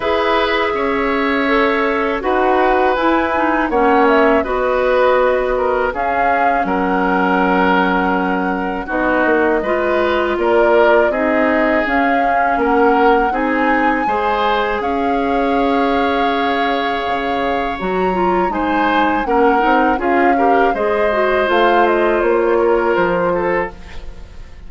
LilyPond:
<<
  \new Staff \with { instrumentName = "flute" } { \time 4/4 \tempo 4 = 81 e''2. fis''4 | gis''4 fis''8 e''8 dis''2 | f''4 fis''2. | dis''2 d''4 dis''4 |
f''4 fis''4 gis''2 | f''1 | ais''4 gis''4 fis''4 f''4 | dis''4 f''8 dis''8 cis''4 c''4 | }
  \new Staff \with { instrumentName = "oboe" } { \time 4/4 b'4 cis''2 b'4~ | b'4 cis''4 b'4. ais'8 | gis'4 ais'2. | fis'4 b'4 ais'4 gis'4~ |
gis'4 ais'4 gis'4 c''4 | cis''1~ | cis''4 c''4 ais'4 gis'8 ais'8 | c''2~ c''8 ais'4 a'8 | }
  \new Staff \with { instrumentName = "clarinet" } { \time 4/4 gis'2 a'4 fis'4 | e'8 dis'8 cis'4 fis'2 | cis'1 | dis'4 f'2 dis'4 |
cis'2 dis'4 gis'4~ | gis'1 | fis'8 f'8 dis'4 cis'8 dis'8 f'8 g'8 | gis'8 fis'8 f'2. | }
  \new Staff \with { instrumentName = "bassoon" } { \time 4/4 e'4 cis'2 dis'4 | e'4 ais4 b2 | cis'4 fis2. | b8 ais8 gis4 ais4 c'4 |
cis'4 ais4 c'4 gis4 | cis'2. cis4 | fis4 gis4 ais8 c'8 cis'4 | gis4 a4 ais4 f4 | }
>>